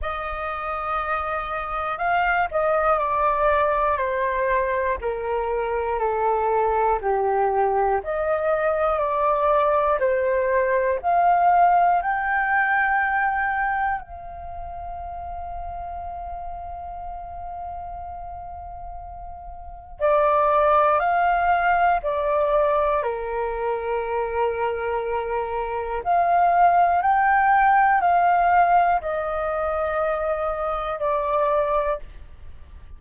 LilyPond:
\new Staff \with { instrumentName = "flute" } { \time 4/4 \tempo 4 = 60 dis''2 f''8 dis''8 d''4 | c''4 ais'4 a'4 g'4 | dis''4 d''4 c''4 f''4 | g''2 f''2~ |
f''1 | d''4 f''4 d''4 ais'4~ | ais'2 f''4 g''4 | f''4 dis''2 d''4 | }